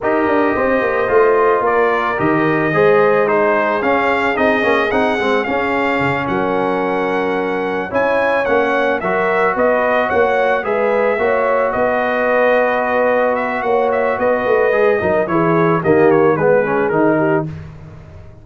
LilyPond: <<
  \new Staff \with { instrumentName = "trumpet" } { \time 4/4 \tempo 4 = 110 dis''2. d''4 | dis''2 c''4 f''4 | dis''4 fis''4 f''4. fis''8~ | fis''2~ fis''8 gis''4 fis''8~ |
fis''8 e''4 dis''4 fis''4 e''8~ | e''4. dis''2~ dis''8~ | dis''8 e''8 fis''8 e''8 dis''2 | cis''4 dis''8 cis''8 b'4 ais'4 | }
  \new Staff \with { instrumentName = "horn" } { \time 4/4 ais'4 c''2 ais'4~ | ais'4 c''4 gis'2~ | gis'2.~ gis'8 ais'8~ | ais'2~ ais'8 cis''4.~ |
cis''8 ais'4 b'4 cis''4 b'8~ | b'8 cis''4 b'2~ b'8~ | b'4 cis''4 b'4. ais'8 | gis'4 g'4 gis'4. g'8 | }
  \new Staff \with { instrumentName = "trombone" } { \time 4/4 g'2 f'2 | g'4 gis'4 dis'4 cis'4 | dis'8 cis'8 dis'8 c'8 cis'2~ | cis'2~ cis'8 e'4 cis'8~ |
cis'8 fis'2. gis'8~ | gis'8 fis'2.~ fis'8~ | fis'2. gis'8 dis'8 | e'4 ais4 b8 cis'8 dis'4 | }
  \new Staff \with { instrumentName = "tuba" } { \time 4/4 dis'8 d'8 c'8 ais8 a4 ais4 | dis4 gis2 cis'4 | c'8 ais8 c'8 gis8 cis'4 cis8 fis8~ | fis2~ fis8 cis'4 ais8~ |
ais8 fis4 b4 ais4 gis8~ | gis8 ais4 b2~ b8~ | b4 ais4 b8 a8 gis8 fis8 | e4 dis4 gis4 dis4 | }
>>